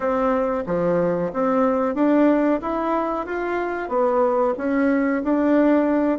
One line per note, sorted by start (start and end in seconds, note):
0.00 0.64 C4
0.66 1.31 F3
1.33 1.94 C4
1.94 2.60 D4
2.61 3.25 E4
3.25 3.88 F4
3.88 4.54 B3
4.57 5.23 C#4
5.23 6.18 D4